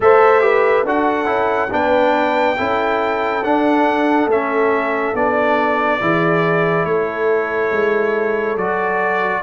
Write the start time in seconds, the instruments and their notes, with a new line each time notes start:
0.00 tuba A3, trombone A4, horn C5, trumpet E5
0.41 trombone G4, horn B4
0.84 tuba D4, trombone F#4, horn A4, trumpet F#5
1.25 tuba C#4, trombone E4
1.70 tuba B3, trombone D4, horn B4, trumpet G5
2.56 tuba C#4, trombone E4, horn A4
3.43 trombone D4, tuba D4, trumpet F#5
4.26 tuba A3, trombone C#4, trumpet E5
5.14 tuba B3, trombone D4, trumpet D5
6.00 tuba E3, trombone E4, horn G#4
6.84 tuba A3, horn A4, trumpet C#5
7.71 tuba G#3
8.56 tuba F#3, trombone F#4, trumpet D5